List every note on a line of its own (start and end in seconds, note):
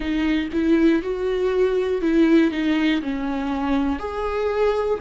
0.00 0.49 D#4
0.53 1.02 E4
1.02 2.01 F#4
2.01 2.50 E4
2.50 3.00 D#4
3.01 3.99 C#4
3.99 4.99 G#4